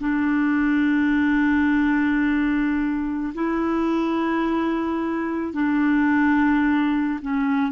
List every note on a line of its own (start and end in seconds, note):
0.00 3.33 D4
3.34 5.53 E4
5.53 7.20 D4
7.22 7.72 C#4